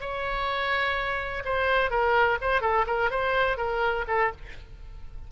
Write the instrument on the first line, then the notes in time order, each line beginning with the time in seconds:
oboe
0.00 C#5
1.44 C5
1.90 A#4
2.41 C5
2.61 A4
2.86 A#4
3.10 C5
3.57 A#4
4.07 A4